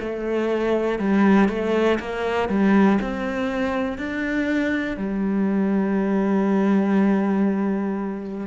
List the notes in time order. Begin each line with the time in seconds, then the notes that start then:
0.00 A3
0.98 G3
1.48 A3
2.00 A#3
2.49 G3
3.01 C4
3.98 D4
4.96 G3